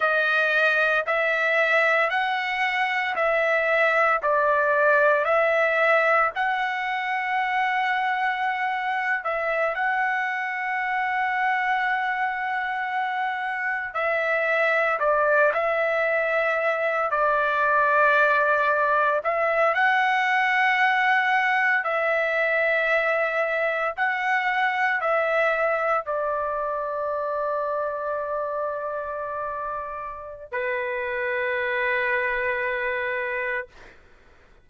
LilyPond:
\new Staff \with { instrumentName = "trumpet" } { \time 4/4 \tempo 4 = 57 dis''4 e''4 fis''4 e''4 | d''4 e''4 fis''2~ | fis''8. e''8 fis''2~ fis''8.~ | fis''4~ fis''16 e''4 d''8 e''4~ e''16~ |
e''16 d''2 e''8 fis''4~ fis''16~ | fis''8. e''2 fis''4 e''16~ | e''8. d''2.~ d''16~ | d''4 b'2. | }